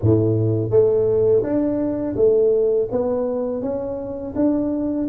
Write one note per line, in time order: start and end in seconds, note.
0.01 0.70 A2
0.70 1.42 A3
1.43 2.15 D4
2.16 2.88 A3
2.91 3.61 B3
3.61 4.34 C#4
4.35 5.08 D4